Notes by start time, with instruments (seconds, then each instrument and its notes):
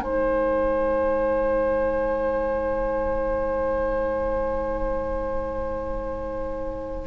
0.00 bassoon G#3, clarinet D#4, oboe C5, flute G#5